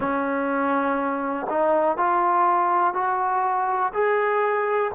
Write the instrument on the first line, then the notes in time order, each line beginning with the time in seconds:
trombone
0.00 C#4
1.49 D#4
1.97 F4
2.94 F#4
3.93 G#4